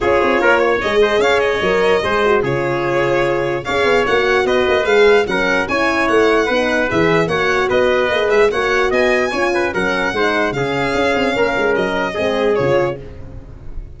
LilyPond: <<
  \new Staff \with { instrumentName = "violin" } { \time 4/4 \tempo 4 = 148 cis''2 dis''4 f''8 dis''8~ | dis''2 cis''2~ | cis''4 f''4 fis''4 dis''4 | f''4 fis''4 gis''4 fis''4~ |
fis''4 e''4 fis''4 dis''4~ | dis''8 e''8 fis''4 gis''2 | fis''2 f''2~ | f''4 dis''2 cis''4 | }
  \new Staff \with { instrumentName = "trumpet" } { \time 4/4 gis'4 ais'8 cis''4 c''8 cis''4~ | cis''4 c''4 gis'2~ | gis'4 cis''2 b'4~ | b'4 ais'4 cis''2 |
b'2 cis''4 b'4~ | b'4 cis''4 dis''4 cis''8 b'8 | ais'4 c''4 gis'2 | ais'2 gis'2 | }
  \new Staff \with { instrumentName = "horn" } { \time 4/4 f'2 gis'2 | ais'4 gis'8 fis'8 f'2~ | f'4 gis'4 fis'2 | gis'4 cis'4 e'2 |
dis'4 gis'4 fis'2 | gis'4 fis'2 f'4 | cis'4 dis'4 cis'2~ | cis'2 c'4 f'4 | }
  \new Staff \with { instrumentName = "tuba" } { \time 4/4 cis'8 c'8 ais4 gis4 cis'4 | fis4 gis4 cis2~ | cis4 cis'8 b8 ais4 b8 ais8 | gis4 fis4 cis'4 a4 |
b4 e4 ais4 b4 | ais8 gis8 ais4 b4 cis'4 | fis4 gis4 cis4 cis'8 c'8 | ais8 gis8 fis4 gis4 cis4 | }
>>